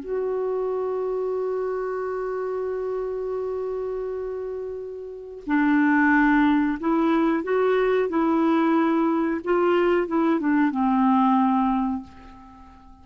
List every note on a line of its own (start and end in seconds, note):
0.00 5.44 F#4
5.47 6.79 D4
6.80 7.43 E4
7.43 8.09 F#4
8.09 9.41 E4
9.44 10.07 F4
10.07 10.40 E4
10.40 10.71 D4
10.71 12.03 C4